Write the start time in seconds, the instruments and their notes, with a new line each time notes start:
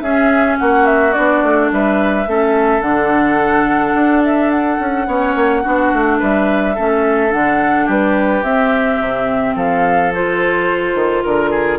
0.00 bassoon C#4, clarinet C#4, oboe G#4, flute E5
0.58 bassoon A#3, oboe F#4, flute F#5
0.85 flute E5
1.12 bassoon B3, clarinet D4, flute D5
1.42 bassoon A3
1.71 bassoon G3, oboe B4, flute E5
2.26 bassoon A3, clarinet C#4, oboe A4
2.81 bassoon D3, clarinet D4, flute F#5
3.94 bassoon D4
4.24 flute E5
4.50 flute F#5
4.79 bassoon C#4
5.06 bassoon B3, clarinet C#4, oboe C#5
5.35 bassoon A#3
5.62 bassoon B3, clarinet D4, oboe F#4
5.93 bassoon A3
6.18 bassoon G3, oboe B4, flute E5
6.74 bassoon A3, clarinet C#4, oboe A4
7.31 bassoon D3, clarinet D4, flute F#5
7.85 bassoon G3, oboe G4, flute B4
8.42 bassoon C4, clarinet C4, flute E5
9.00 bassoon C3
9.55 bassoon F3, oboe A4, flute F5
10.14 clarinet F4, flute C5
10.94 bassoon D#3
11.22 bassoon D3, flute A#4, oboe A#4
11.50 oboe G#4